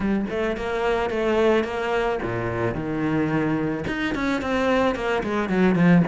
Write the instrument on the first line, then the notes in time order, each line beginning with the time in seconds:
cello
0.00 G3
0.29 A3
0.57 A#3
1.10 A3
1.64 A#3
2.22 A#2
2.74 D#3
3.87 D#4
4.14 C#4
4.41 C4
4.95 A#3
5.23 G#3
5.49 F#3
5.75 F3